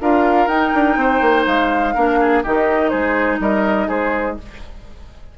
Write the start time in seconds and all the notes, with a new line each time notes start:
0.00 D4 F4 A#4 F5
0.47 D#4 G5
0.74 D4
0.96 C4 C5
1.21 A#3
1.46 G#3 F5
1.94 A#3 D4 A#4
2.20 G#4
2.43 D#3 D#4 G4 D#5
2.89 G#3 G#4 C5
3.39 G3 A#4 D#5
3.87 G#3 G#4 C5